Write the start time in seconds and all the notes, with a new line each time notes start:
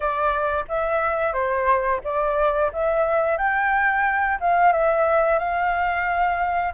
0.00 D5
0.68 E5
1.33 C5
2.04 D5
2.72 E5
3.37 G5
4.40 F5
4.72 E5
5.38 F5